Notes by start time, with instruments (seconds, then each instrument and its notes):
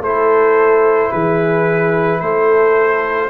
0.00 tuba A3, trombone E4, horn A4, trumpet C5
1.12 tuba E3, horn G#4, trumpet B4
2.20 tuba A3, horn A4, trumpet C5